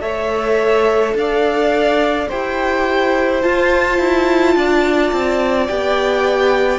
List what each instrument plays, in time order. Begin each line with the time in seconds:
0.00 cello A3, viola A4, violin C#5 E5
1.14 cello D4, violin D5 F5
2.28 cello E4, viola G4, violin C5 G5
3.41 viola F4, cello F4, violin A5
3.98 cello E4
4.55 cello D4, violin D5
5.12 cello C4
5.67 cello B3, viola G4, violin G5